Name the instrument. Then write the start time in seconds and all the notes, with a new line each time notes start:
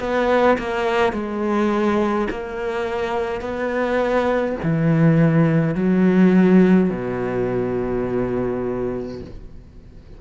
cello
0.00 B3
0.58 A#3
1.13 G#3
2.30 A#3
3.41 B3
4.64 E3
5.75 F#3
6.91 B2